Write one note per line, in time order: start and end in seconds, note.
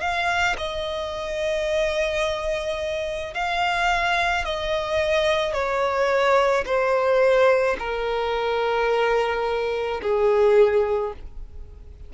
0.00 0.56 F5
0.58 3.34 D#5
3.34 4.44 F5
4.44 5.53 D#5
5.53 6.64 C#5
6.65 7.76 C5
7.78 10.01 A#4
10.02 11.13 G#4